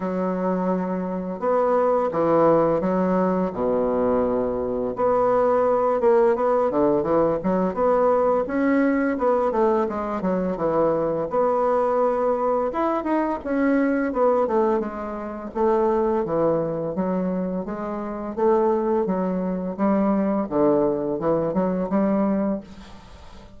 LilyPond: \new Staff \with { instrumentName = "bassoon" } { \time 4/4 \tempo 4 = 85 fis2 b4 e4 | fis4 b,2 b4~ | b8 ais8 b8 d8 e8 fis8 b4 | cis'4 b8 a8 gis8 fis8 e4 |
b2 e'8 dis'8 cis'4 | b8 a8 gis4 a4 e4 | fis4 gis4 a4 fis4 | g4 d4 e8 fis8 g4 | }